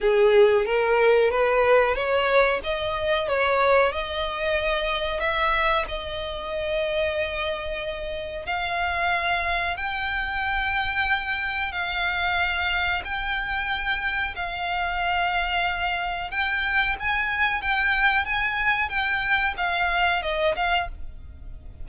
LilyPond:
\new Staff \with { instrumentName = "violin" } { \time 4/4 \tempo 4 = 92 gis'4 ais'4 b'4 cis''4 | dis''4 cis''4 dis''2 | e''4 dis''2.~ | dis''4 f''2 g''4~ |
g''2 f''2 | g''2 f''2~ | f''4 g''4 gis''4 g''4 | gis''4 g''4 f''4 dis''8 f''8 | }